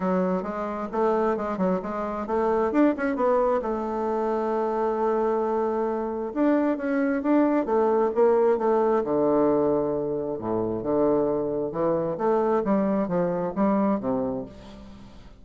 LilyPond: \new Staff \with { instrumentName = "bassoon" } { \time 4/4 \tempo 4 = 133 fis4 gis4 a4 gis8 fis8 | gis4 a4 d'8 cis'8 b4 | a1~ | a2 d'4 cis'4 |
d'4 a4 ais4 a4 | d2. a,4 | d2 e4 a4 | g4 f4 g4 c4 | }